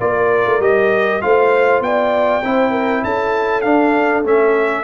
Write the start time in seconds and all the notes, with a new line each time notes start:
0.00 A#3 F4 A#4 D5
0.46 A3
0.60 G3 G4 D#5
1.21 A3 F4 C5 F5
1.80 B3 D5 G5
2.43 C4 E4 C5
2.71 A#4
3.04 C#4 A4 A5
3.61 D4 F5
4.24 A3 C#4 E5